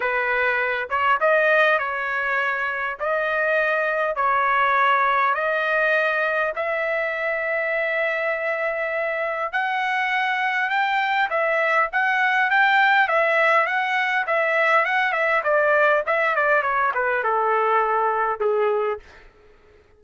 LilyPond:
\new Staff \with { instrumentName = "trumpet" } { \time 4/4 \tempo 4 = 101 b'4. cis''8 dis''4 cis''4~ | cis''4 dis''2 cis''4~ | cis''4 dis''2 e''4~ | e''1 |
fis''2 g''4 e''4 | fis''4 g''4 e''4 fis''4 | e''4 fis''8 e''8 d''4 e''8 d''8 | cis''8 b'8 a'2 gis'4 | }